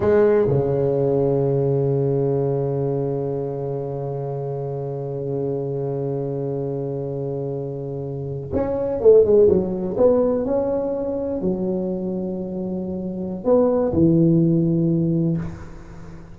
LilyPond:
\new Staff \with { instrumentName = "tuba" } { \time 4/4 \tempo 4 = 125 gis4 cis2.~ | cis1~ | cis1~ | cis1~ |
cis4.~ cis16 cis'4 a8 gis8 fis16~ | fis8. b4 cis'2 fis16~ | fis1 | b4 e2. | }